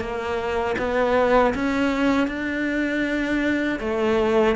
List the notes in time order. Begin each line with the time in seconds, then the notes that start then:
0.00 A#3
0.78 B3
1.54 C#4
2.28 D4
3.80 A3